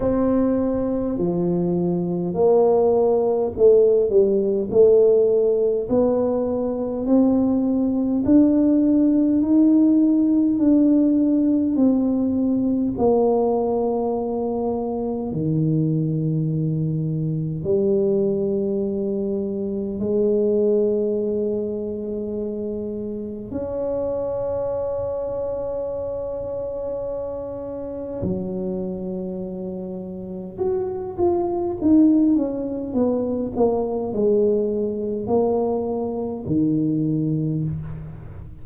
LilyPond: \new Staff \with { instrumentName = "tuba" } { \time 4/4 \tempo 4 = 51 c'4 f4 ais4 a8 g8 | a4 b4 c'4 d'4 | dis'4 d'4 c'4 ais4~ | ais4 dis2 g4~ |
g4 gis2. | cis'1 | fis2 fis'8 f'8 dis'8 cis'8 | b8 ais8 gis4 ais4 dis4 | }